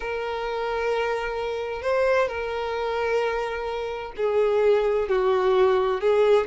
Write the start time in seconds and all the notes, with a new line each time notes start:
0.00 A#4
1.81 C5
2.28 A#4
4.16 G#4
5.09 F#4
6.00 G#4